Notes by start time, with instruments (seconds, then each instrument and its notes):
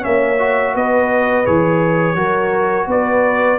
0.00 tuba A#3, trombone C#4, horn C#5, trumpet E5
0.39 trombone F#4
0.74 tuba B3, horn B4, trumpet D#5
1.45 tuba E3, trombone G#4, trumpet C#5
2.15 tuba F#3, trombone F#4, horn A#4
2.87 tuba B3, horn B4, trumpet D5